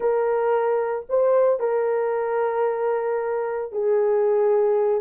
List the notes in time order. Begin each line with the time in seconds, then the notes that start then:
0.00 A#4
1.09 C5
1.59 A#4
3.72 G#4